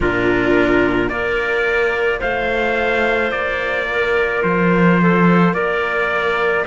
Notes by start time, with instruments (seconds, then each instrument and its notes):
0.00 cello A#2 D4, clarinet F4, trumpet A#4
1.09 cello A#3 F4, clarinet A#4, trumpet D5
2.19 cello A3, clarinet C5, trumpet F5
3.31 cello A#3, trumpet D5
3.91 clarinet A#4
4.42 cello F3, trumpet C5
5.01 clarinet A4
5.53 cello A#3, clarinet A#4, trumpet D5